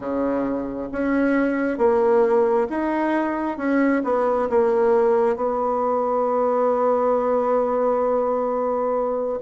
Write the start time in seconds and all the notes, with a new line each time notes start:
0.00 C#3
0.92 C#4
1.77 A#3
2.69 D#4
3.57 C#4
4.04 B3
4.49 A#3
5.36 B3